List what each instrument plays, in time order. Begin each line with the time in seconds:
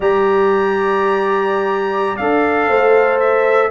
0.00 tuba G3, trombone G4, horn D5, trumpet A#5
2.16 tuba D4, trombone A4, trumpet F5
2.68 tuba A3, horn C5
3.19 trumpet E5